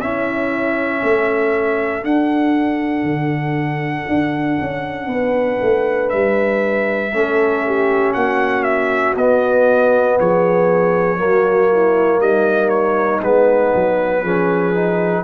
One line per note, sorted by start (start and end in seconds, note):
0.00 1.02 C#4
0.00 2.02 C#4
0.00 1.02 E4
0.00 2.04 E5
1.02 2.04 A3
1.02 5.09 A4
2.02 7.10 D4
2.02 3.03 D4
2.02 6.09 F#5
3.03 4.05 D3
4.08 4.59 D4
4.61 5.07 C#4
5.07 5.57 B3
5.07 7.12 B4
5.62 6.12 A3
6.09 7.13 G3
6.09 8.12 E5
7.13 8.15 A3
7.13 9.16 C#4
7.13 7.66 A4
7.66 8.14 G4
8.13 9.16 A#3
8.13 10.17 F#4
8.13 8.63 F#5
8.63 9.14 E5
9.16 10.17 B3
9.16 11.16 B3
9.16 10.19 D#5
10.19 11.18 F3
10.19 11.18 G#4
10.19 12.21 C#5
11.16 12.20 F#3
11.16 13.20 A#3
11.16 11.69 F#4
11.72 12.19 E4
12.19 13.21 G3
12.19 14.22 D#4
12.19 12.69 D#5
12.69 13.20 C#5
13.23 13.74 G#3
13.23 14.25 B3
13.23 15.24 B4
13.75 14.22 F#3
14.22 15.24 F3
14.22 14.74 C#4
14.22 15.24 G#4
14.74 15.24 D#4